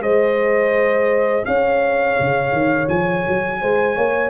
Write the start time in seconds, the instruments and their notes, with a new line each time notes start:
0.00 tuba G#3, trombone G#4, horn C5, trumpet D#5
1.45 tuba C#4, horn C#5, trumpet F5
2.19 tuba C#3
2.52 tuba D#3
2.88 tuba F3, trumpet G#5
3.28 tuba F#3
3.61 tuba G#3, horn C5
3.95 tuba A#3, horn C#5